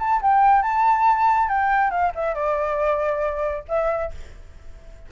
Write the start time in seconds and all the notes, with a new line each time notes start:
0.00 A5
0.22 G5
0.63 A5
1.49 G5
1.91 F5
2.16 E5
2.35 D5
3.69 E5